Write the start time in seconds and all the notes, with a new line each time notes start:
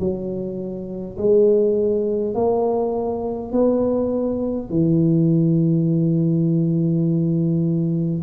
0.00 F#3
1.18 G#3
2.35 A#3
3.52 B3
4.70 E3